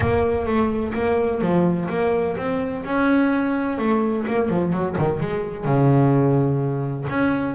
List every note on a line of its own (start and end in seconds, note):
0.00 0.46 A#3
0.46 0.93 A3
0.93 1.41 A#3
1.41 1.88 F3
1.89 2.36 A#3
2.37 2.84 C4
2.85 3.78 C#4
3.78 4.25 A3
4.27 4.49 A#3
4.49 4.72 F3
4.72 4.96 F#3
4.98 5.20 D#3
5.20 5.65 G#3
5.65 7.06 C#3
7.09 7.55 C#4